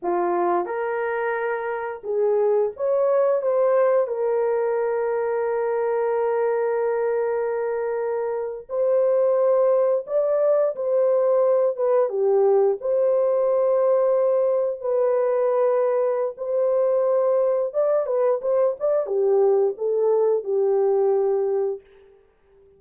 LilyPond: \new Staff \with { instrumentName = "horn" } { \time 4/4 \tempo 4 = 88 f'4 ais'2 gis'4 | cis''4 c''4 ais'2~ | ais'1~ | ais'8. c''2 d''4 c''16~ |
c''4~ c''16 b'8 g'4 c''4~ c''16~ | c''4.~ c''16 b'2~ b'16 | c''2 d''8 b'8 c''8 d''8 | g'4 a'4 g'2 | }